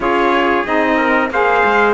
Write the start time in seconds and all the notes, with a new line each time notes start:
0.00 C#4 F4 G#4 C#5
0.65 C4 D#4 D#5
0.96 A#4
1.30 A#3 G#4 C5 F5
1.64 G#3